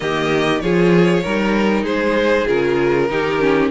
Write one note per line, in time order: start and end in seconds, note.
0.00 0.62 D#3
0.00 0.60 A#3
0.00 0.63 G4
0.00 0.60 D#5
0.60 1.24 F3
0.60 1.24 F4
0.60 1.22 G#4
0.60 1.84 C#5
1.22 1.83 G3
1.22 2.46 D#4
1.22 1.83 A#4
1.83 2.45 G#3
1.83 3.07 G#4
1.83 2.47 C5
2.46 3.10 C#3
2.46 3.08 F4
2.46 3.71 A#4
3.09 3.71 D#3
3.09 3.39 D#4
3.09 3.71 G4
3.39 3.70 C#4